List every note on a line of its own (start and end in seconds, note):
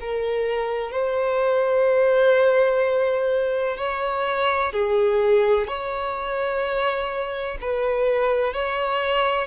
0.00 0.91 A#4
0.91 3.77 C5
3.77 4.72 C#5
4.72 5.67 G#4
5.67 7.58 C#5
7.61 8.54 B4
8.54 9.47 C#5